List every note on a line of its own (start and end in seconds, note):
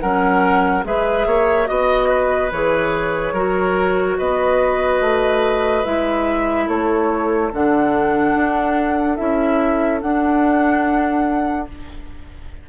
0.00 0.84 F#3
0.00 0.83 C#4
0.00 0.84 A#4
0.00 0.83 F#5
0.83 1.25 G#3
0.83 1.66 G#4
0.83 1.27 B4
0.83 1.67 E5
1.26 1.68 A#3
1.26 1.68 C#5
1.66 2.52 B3
1.66 2.49 F#4
1.66 2.50 D#5
1.66 2.08 D#5
2.08 3.33 B4
2.52 3.32 E3
2.52 3.35 G#4
2.52 4.18 C#5
3.32 4.16 F#3
3.32 5.84 F#4
3.32 4.16 A#4
4.18 5.00 B3
4.18 6.65 B4
4.18 5.84 D#5
5.00 5.84 A3
5.84 6.67 G#3
5.84 7.51 E4
5.84 6.68 E5
6.65 7.51 A3
6.65 11.65 A4
6.65 7.51 C#5
7.52 8.35 D3
7.52 9.16 D4
7.52 9.16 F#5
8.35 9.18 D4
9.16 10.02 C#4
9.16 10.00 E4
9.16 9.99 E5
10.01 11.68 D4
10.01 11.69 D4
10.01 11.68 F#5